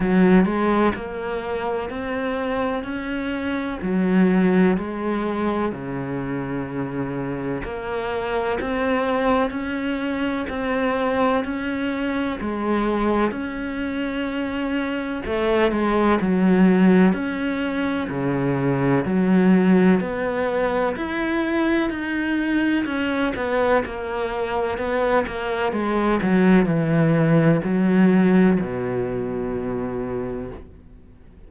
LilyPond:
\new Staff \with { instrumentName = "cello" } { \time 4/4 \tempo 4 = 63 fis8 gis8 ais4 c'4 cis'4 | fis4 gis4 cis2 | ais4 c'4 cis'4 c'4 | cis'4 gis4 cis'2 |
a8 gis8 fis4 cis'4 cis4 | fis4 b4 e'4 dis'4 | cis'8 b8 ais4 b8 ais8 gis8 fis8 | e4 fis4 b,2 | }